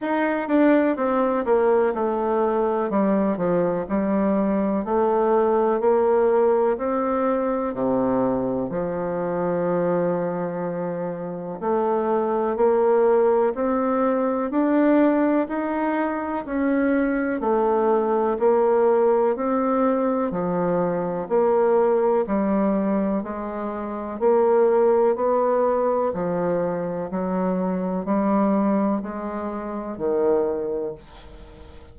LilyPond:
\new Staff \with { instrumentName = "bassoon" } { \time 4/4 \tempo 4 = 62 dis'8 d'8 c'8 ais8 a4 g8 f8 | g4 a4 ais4 c'4 | c4 f2. | a4 ais4 c'4 d'4 |
dis'4 cis'4 a4 ais4 | c'4 f4 ais4 g4 | gis4 ais4 b4 f4 | fis4 g4 gis4 dis4 | }